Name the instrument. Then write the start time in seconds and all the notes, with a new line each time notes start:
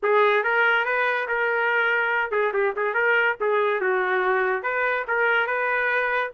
trumpet
0.02 G#4
0.43 A#4
0.85 B4
1.28 A#4
2.31 G#4
2.53 G4
2.76 G#4
2.94 A#4
3.40 G#4
3.80 F#4
4.62 B4
5.07 A#4
5.46 B4